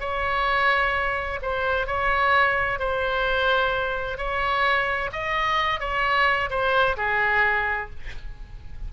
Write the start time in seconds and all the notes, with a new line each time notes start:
0.00 C#5
1.42 C5
1.87 C#5
2.79 C5
4.18 C#5
5.12 D#5
5.80 C#5
6.50 C5
6.97 G#4